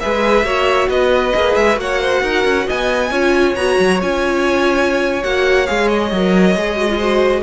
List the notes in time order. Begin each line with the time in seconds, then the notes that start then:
0.00 G#3 G#4 B4 E5
0.44 A#3 F#4 C#5
0.89 B3 B4 D#5
1.35 A#3 G#4
1.55 G#3 E5
1.75 A#3 F#4 F#5
1.81 C#5
2.01 C5
2.22 D#4 A#4
2.44 C#4
2.67 B3 D#5 G#5
3.11 C#4 F4 C#5
3.56 B3 F#4 A#5
3.79 F#3
4.01 C#4 F4 G#5
5.23 A#3 F#4 F#5
5.67 G#3 G#4 F5
5.89 D#5
6.12 F#3 A#4
6.56 G#3 G#4
6.77 F#4
6.89 F4
6.97 F#4 C5